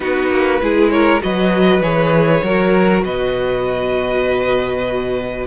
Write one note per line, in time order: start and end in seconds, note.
0.00 0.30 B3
0.00 0.61 D#4
0.00 0.61 F#4
0.00 0.90 B4
0.30 0.60 A#3
0.61 1.21 G#3
0.61 1.20 E4
0.61 0.92 G#4
0.90 1.22 A#4
0.90 1.20 C#5
1.20 1.81 F#3
1.20 1.81 F#4
1.20 2.44 B4
1.20 1.82 D#5
1.81 2.41 E3
1.81 2.43 G#4
1.81 3.03 C#5
2.43 3.04 F#3
2.43 5.46 F#4
2.43 3.04 A#4
3.03 5.46 B2
3.03 5.46 B4
3.03 5.46 D#5